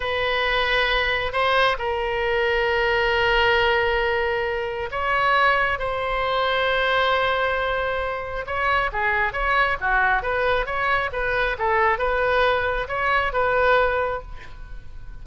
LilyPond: \new Staff \with { instrumentName = "oboe" } { \time 4/4 \tempo 4 = 135 b'2. c''4 | ais'1~ | ais'2. cis''4~ | cis''4 c''2.~ |
c''2. cis''4 | gis'4 cis''4 fis'4 b'4 | cis''4 b'4 a'4 b'4~ | b'4 cis''4 b'2 | }